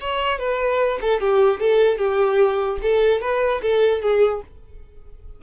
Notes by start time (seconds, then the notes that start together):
0.00 C#5
0.38 B4
1.01 A4
1.20 G4
1.59 A4
1.98 G4
2.82 A4
3.21 B4
3.62 A4
4.01 G#4